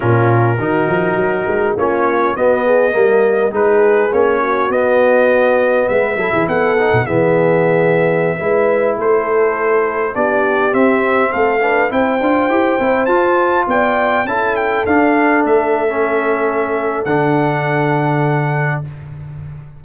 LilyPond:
<<
  \new Staff \with { instrumentName = "trumpet" } { \time 4/4 \tempo 4 = 102 ais'2. cis''4 | dis''2 b'4 cis''4 | dis''2 e''4 fis''4 | e''2.~ e''16 c''8.~ |
c''4~ c''16 d''4 e''4 f''8.~ | f''16 g''2 a''4 g''8.~ | g''16 a''8 g''8 f''4 e''4.~ e''16~ | e''4 fis''2. | }
  \new Staff \with { instrumentName = "horn" } { \time 4/4 f'4 fis'2 f'4 | fis'8 gis'8 ais'4 gis'4. fis'8~ | fis'2 b'8 a'16 gis'16 a'4 | gis'2~ gis'16 b'4 a'8.~ |
a'4~ a'16 g'2 a'8 b'16~ | b'16 c''2. d''8.~ | d''16 a'2.~ a'8.~ | a'1 | }
  \new Staff \with { instrumentName = "trombone" } { \time 4/4 cis'4 dis'2 cis'4 | b4 ais4 dis'4 cis'4 | b2~ b8 e'4 dis'8 | b2~ b16 e'4.~ e'16~ |
e'4~ e'16 d'4 c'4. d'16~ | d'16 e'8 f'8 g'8 e'8 f'4.~ f'16~ | f'16 e'4 d'4.~ d'16 cis'4~ | cis'4 d'2. | }
  \new Staff \with { instrumentName = "tuba" } { \time 4/4 ais,4 dis8 f8 fis8 gis8 ais4 | b4 g4 gis4 ais4 | b2 gis8 fis16 e16 b8. b,16 | e2~ e16 gis4 a8.~ |
a4~ a16 b4 c'4 a8.~ | a16 c'8 d'8 e'8 c'8 f'4 b8.~ | b16 cis'4 d'4 a4.~ a16~ | a4 d2. | }
>>